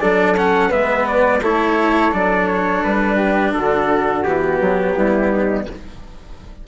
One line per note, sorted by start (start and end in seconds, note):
0.00 0.72 F#3
0.00 0.36 D4
0.00 0.68 A4
0.00 0.35 D5
0.37 0.70 C#4
0.37 0.71 F#5
0.68 1.42 G#3
0.68 1.41 B3
0.68 1.39 B4
0.68 1.07 E5
1.07 1.42 D5
1.41 2.13 A3
1.41 2.11 E4
1.41 3.16 A4
1.41 2.13 C#5
2.11 2.83 F#3
2.11 4.23 D4
2.11 2.47 D5
2.47 2.82 C#5
2.83 3.54 G3
2.83 3.53 B4
3.16 3.51 G4
3.53 4.26 D3
3.53 4.96 F#4
3.53 4.23 A4
4.23 4.60 E3
4.23 5.66 B3
4.23 5.65 G4
4.60 4.96 F#3
4.96 5.67 G3
4.96 5.31 E4
5.31 5.67 D#4